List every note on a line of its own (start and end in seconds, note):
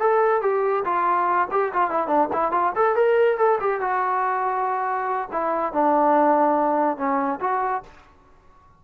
0.00 0.42 A4
0.42 0.84 G4
0.85 1.48 F4
1.52 1.73 G4
1.74 1.91 F4
1.91 2.08 E4
2.08 2.29 D4
2.33 2.52 E4
2.52 2.73 F4
2.76 2.96 A4
2.96 3.38 A#4
3.38 3.59 A4
3.61 3.81 G4
3.81 5.29 F#4
5.32 5.73 E4
5.73 6.98 D4
6.98 7.40 C#4
7.41 7.83 F#4